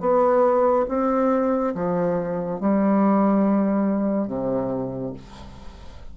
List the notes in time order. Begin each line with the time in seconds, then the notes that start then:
0.00 B3
0.88 C4
1.75 F3
2.60 G3
4.27 C3